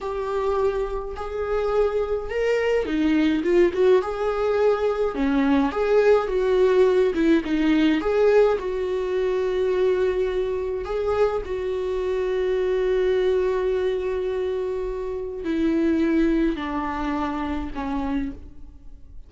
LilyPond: \new Staff \with { instrumentName = "viola" } { \time 4/4 \tempo 4 = 105 g'2 gis'2 | ais'4 dis'4 f'8 fis'8 gis'4~ | gis'4 cis'4 gis'4 fis'4~ | fis'8 e'8 dis'4 gis'4 fis'4~ |
fis'2. gis'4 | fis'1~ | fis'2. e'4~ | e'4 d'2 cis'4 | }